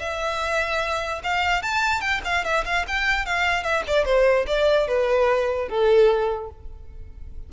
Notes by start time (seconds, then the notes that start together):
0.00 E5
1.24 F5
1.63 A5
2.01 G5
2.25 F5
2.45 E5
2.66 F5
2.88 G5
3.26 F5
3.63 E5
3.88 D5
4.06 C5
4.47 D5
4.88 B4
5.69 A4